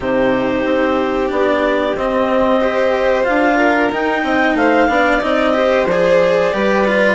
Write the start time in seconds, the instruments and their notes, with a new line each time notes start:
0.00 bassoon C3, cello D#4, violin G4, clarinet C5
0.65 bassoon C4
1.27 bassoon B3, cello D4, clarinet D5
1.95 bassoon C4, cello C4, clarinet D#5
2.60 cello G4, violin C5
3.23 bassoon D4, cello F4, clarinet F5
3.57 violin A#4
3.91 cello D#4, bassoon D#4, clarinet G5
4.23 bassoon C4, violin D#5
4.54 bassoon A3, violin C5, clarinet F5
4.88 bassoon B3, cello D4, violin D5
5.21 bassoon C4, cello D#4, clarinet D#5
5.53 cello G4, violin C5
5.86 bassoon F3, cello G#4, clarinet D5
6.53 bassoon G3, cello G4, violin B4
6.87 cello F4